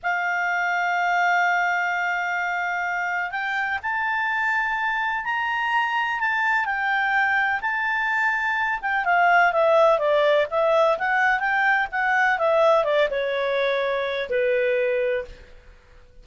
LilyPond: \new Staff \with { instrumentName = "clarinet" } { \time 4/4 \tempo 4 = 126 f''1~ | f''2. g''4 | a''2. ais''4~ | ais''4 a''4 g''2 |
a''2~ a''8 g''8 f''4 | e''4 d''4 e''4 fis''4 | g''4 fis''4 e''4 d''8 cis''8~ | cis''2 b'2 | }